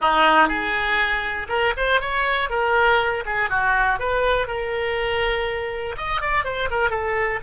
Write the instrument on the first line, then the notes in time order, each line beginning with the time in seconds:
oboe
0.01 D#4
0.48 G#4
1.49 A#4
1.76 C5
2.00 C#5
2.49 A#4
3.25 G#4
3.49 F#4
3.99 B4
4.47 A#4
5.97 D#5
6.21 D5
6.44 C5
6.70 A#4
6.90 A4